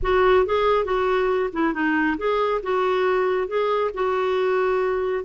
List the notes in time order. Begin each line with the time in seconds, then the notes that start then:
0.02 F#4
0.46 G#4
0.84 F#4
1.52 E4
1.73 D#4
2.17 G#4
2.63 F#4
3.47 G#4
3.94 F#4